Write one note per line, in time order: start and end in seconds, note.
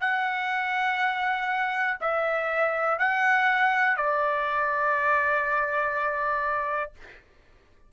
0.00 1.97 F#5
2.01 2.99 E5
2.99 3.97 F#5
3.97 6.92 D5